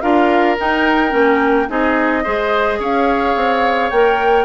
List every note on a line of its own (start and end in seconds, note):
0.00 0.57 D4
0.00 0.57 F4
0.00 1.69 A#4
0.00 0.56 F5
0.58 1.10 D#4
0.58 1.12 D#4
0.58 1.70 G5
1.10 1.68 A#3
1.10 1.65 C#4
1.68 2.25 C4
1.68 2.24 D#4
1.68 2.23 G#4
1.68 2.81 D#5
2.23 2.79 G#3
2.23 3.91 G#4
2.23 2.79 C5
2.79 3.35 C#4
2.79 4.45 C#5
2.79 3.90 F5
3.35 3.90 C4
3.90 4.45 A#3
3.90 4.45 A#4
3.90 4.45 G5